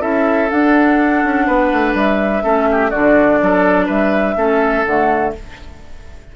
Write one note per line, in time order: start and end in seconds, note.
0.00 0.49 C#4
0.00 0.48 E4
0.00 1.46 A4
0.00 0.49 E5
0.50 2.43 D4
0.50 1.23 D4
0.50 1.96 F#5
1.23 1.47 C#4
1.46 1.71 B3
1.46 2.43 B4
1.72 1.93 A3
1.93 2.42 G3
1.93 2.90 E5
2.43 2.92 A3
2.43 2.91 C#4
2.43 2.68 A4
2.71 2.90 G4
2.90 3.41 D3
2.90 4.36 D4
2.90 3.38 F#4
2.90 3.87 D5
3.41 3.88 F#3
3.41 3.86 A4
3.86 4.36 G3
3.86 4.34 B4
3.86 4.84 E5
4.36 4.84 A3
4.36 4.84 C#4
4.36 5.34 A4
4.84 5.34 D3
4.84 5.36 A3
4.84 5.33 F#5